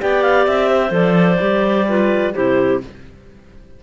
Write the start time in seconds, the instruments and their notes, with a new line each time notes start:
0.00 cello B3, clarinet G4 D5 G5
0.23 clarinet F5
0.47 cello C4, clarinet E5
0.71 clarinet C5
0.90 cello F3, clarinet A4 D5
1.40 cello G3, clarinet G4
1.88 clarinet F4 B4
2.34 cello C3, clarinet E4 G4 C5